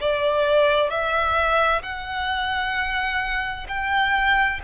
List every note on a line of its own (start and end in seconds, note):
0.00 0.90 D5
0.90 1.82 E5
1.82 3.67 F#5
3.68 4.60 G5